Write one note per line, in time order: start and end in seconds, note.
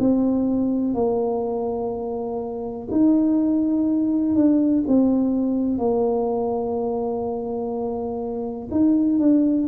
0.00 0.95 C4
0.95 2.88 A#3
2.91 4.35 D#4
4.35 4.84 D4
4.87 5.78 C4
5.78 8.69 A#3
8.71 9.19 D#4
9.19 9.68 D4